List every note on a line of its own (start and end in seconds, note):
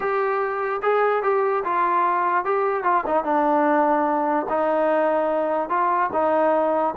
0.00 0.81 G4
0.82 1.22 G#4
1.22 1.63 G4
1.64 2.45 F4
2.45 2.83 G4
2.83 3.04 F4
3.06 3.24 D#4
3.24 4.46 D4
4.49 5.69 D#4
5.69 6.09 F4
6.12 6.94 D#4